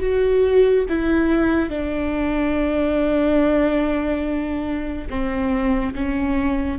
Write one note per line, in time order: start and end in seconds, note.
0.00 0.85 F#4
0.88 1.69 E4
1.69 5.07 D4
5.09 5.94 C4
5.95 6.78 C#4